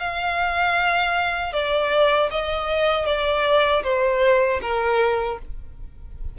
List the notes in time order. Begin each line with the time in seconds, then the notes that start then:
0.00 F5
1.53 D5
2.31 D#5
3.06 D5
3.84 C5
4.62 A#4